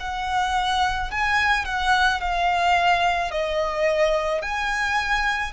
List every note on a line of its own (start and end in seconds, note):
0.00 1.11 F#5
1.11 1.65 G#5
1.65 2.21 F#5
2.21 3.31 F5
3.31 4.42 D#5
4.42 5.53 G#5